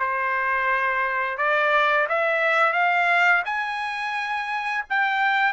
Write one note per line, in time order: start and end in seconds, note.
0.00 1.38 C5
1.38 2.08 D5
2.09 2.73 E5
2.73 3.43 F5
3.46 4.85 G#5
4.90 5.53 G5